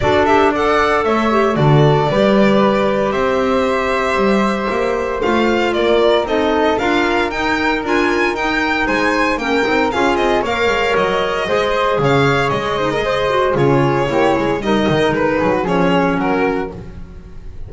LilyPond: <<
  \new Staff \with { instrumentName = "violin" } { \time 4/4 \tempo 4 = 115 d''8 e''8 fis''4 e''4 d''4~ | d''2 e''2~ | e''2 f''4 d''4 | dis''4 f''4 g''4 gis''4 |
g''4 gis''4 g''4 f''8 dis''8 | f''4 dis''2 f''4 | dis''2 cis''2 | dis''4 b'4 cis''4 ais'4 | }
  \new Staff \with { instrumentName = "flute" } { \time 4/4 a'4 d''4 cis''4 a'4 | b'2 c''2~ | c''2. ais'4 | a'4 ais'2.~ |
ais'4 c''4 ais'4 gis'4 | cis''2 c''4 cis''4~ | cis''8 c''16 ais'16 c''4 gis'4 g'8 gis'8 | ais'4. gis'16 fis'16 gis'4 fis'4 | }
  \new Staff \with { instrumentName = "clarinet" } { \time 4/4 fis'8 g'8 a'4. g'8 fis'4 | g'1~ | g'2 f'2 | dis'4 f'4 dis'4 f'4 |
dis'2 cis'8 dis'8 f'4 | ais'2 gis'2~ | gis'8 dis'16 gis'8. fis'8 f'4 e'4 | dis'2 cis'2 | }
  \new Staff \with { instrumentName = "double bass" } { \time 4/4 d'2 a4 d4 | g2 c'2 | g4 ais4 a4 ais4 | c'4 d'4 dis'4 d'4 |
dis'4 gis4 ais8 c'8 cis'8 c'8 | ais8 gis8 fis4 gis4 cis4 | gis2 cis4 ais8 gis8 | g8 dis8 gis8 fis8 f4 fis4 | }
>>